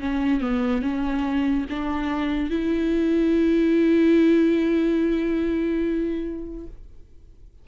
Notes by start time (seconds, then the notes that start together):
0.00 C#4
0.41 B3
0.82 C#4
1.70 D4
2.50 E4